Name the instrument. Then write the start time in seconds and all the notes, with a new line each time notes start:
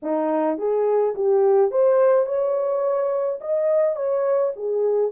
horn
0.02 D#4
0.58 G#4
1.15 G4
1.71 C5
2.25 C#5
3.40 D#5
3.95 C#5
4.56 G#4